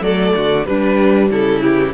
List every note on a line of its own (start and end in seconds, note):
0.00 0.32 F#3
0.00 0.64 A3
0.00 0.34 A4
0.00 0.65 D5
0.34 0.67 D3
0.34 0.66 F#4
0.65 1.60 G3
0.65 1.30 G3
0.65 1.31 D4
0.65 1.29 B4
1.30 1.94 C#3
1.30 1.94 E4
1.30 1.62 A4
1.60 1.92 E3
1.60 1.94 G4